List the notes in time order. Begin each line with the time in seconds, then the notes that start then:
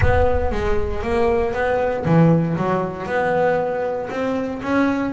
0.01 B3
0.51 G#3
1.02 A#3
1.53 B3
2.05 E3
2.56 F#3
3.06 B3
4.10 C4
4.62 C#4